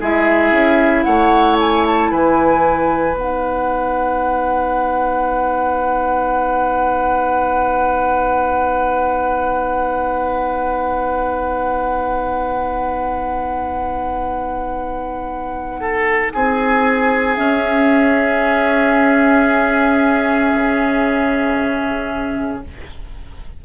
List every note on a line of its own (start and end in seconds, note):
0.00 0.52 G#3
0.00 3.16 E4
0.00 1.05 G#4
0.00 1.04 E5
0.52 1.04 C#4
1.04 2.11 A3
1.04 2.11 C#5
1.04 1.56 F#5
1.60 1.86 G#5
1.87 2.12 A5
2.11 3.15 E3
2.11 15.80 B4
2.11 3.17 G#5
3.15 16.30 B3
3.15 17.37 D#4
3.15 16.33 F#5
15.80 16.33 A4
16.33 17.37 C4
16.33 22.65 G#4
16.33 17.34 G#5
17.34 22.63 C#4
17.34 20.53 C#4
17.34 22.61 E5
20.54 22.64 C#3